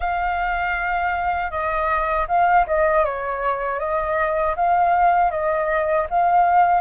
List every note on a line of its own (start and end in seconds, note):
0.00 1.50 F5
1.50 2.26 D#5
2.28 2.65 F5
2.67 3.04 D#5
3.04 3.79 C#5
3.79 4.55 D#5
4.56 5.31 F5
5.31 6.07 D#5
6.10 6.80 F5